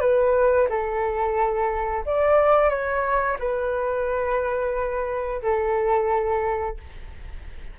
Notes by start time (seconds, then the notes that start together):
0.00 B4
0.69 A4
2.05 D5
2.69 C#5
3.39 B4
5.42 A4